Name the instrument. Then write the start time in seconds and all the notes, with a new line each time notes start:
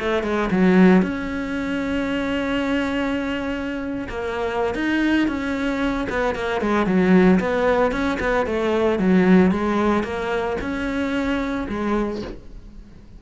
cello
0.00 A3
0.23 G#3
0.51 F#3
1.03 C#4
4.09 A#3
4.75 D#4
5.28 C#4
6.10 B3
6.35 A#3
6.61 G#3
6.87 F#3
7.40 B3
7.92 C#4
8.20 B3
8.47 A3
8.99 F#3
9.52 G#3
10.04 A#3
10.61 C#4
11.69 G#3